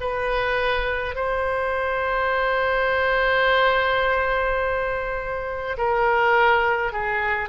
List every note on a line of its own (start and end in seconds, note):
0.00 1.15 B4
1.15 5.76 C5
5.77 6.92 A#4
6.92 7.49 G#4